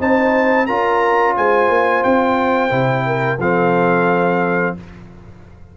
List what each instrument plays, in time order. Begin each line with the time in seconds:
0.00 tuba C4, trombone D#4, horn C5, trumpet A5
0.66 tuba C#4, trombone F4, horn A#4, trumpet A#5
1.36 tuba G#3, horn C5, trumpet G#5
1.68 tuba A#3
2.03 tuba C4, trumpet G5
2.70 tuba C3, trombone E4
3.06 horn A#4
3.39 tuba F3, trombone C4, horn A4, trumpet F5